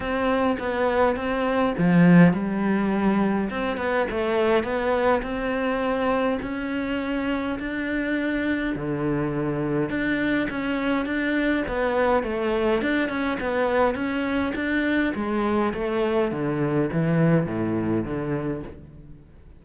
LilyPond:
\new Staff \with { instrumentName = "cello" } { \time 4/4 \tempo 4 = 103 c'4 b4 c'4 f4 | g2 c'8 b8 a4 | b4 c'2 cis'4~ | cis'4 d'2 d4~ |
d4 d'4 cis'4 d'4 | b4 a4 d'8 cis'8 b4 | cis'4 d'4 gis4 a4 | d4 e4 a,4 d4 | }